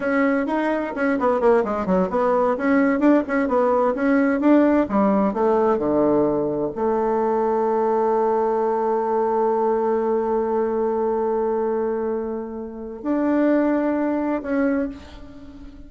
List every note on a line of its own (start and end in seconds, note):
0.00 0.46 C#4
0.46 0.93 D#4
0.95 1.18 C#4
1.19 1.40 B3
1.40 1.63 A#3
1.64 1.86 G#3
1.86 2.09 F#3
2.10 2.56 B3
2.57 2.99 C#4
2.99 3.22 D4
3.27 3.48 C#4
3.48 3.94 B3
3.94 4.40 C#4
4.40 4.86 D4
4.88 5.33 G3
5.33 5.78 A3
5.78 6.71 D3
6.75 13.02 A3
13.02 14.41 D4
14.42 14.88 C#4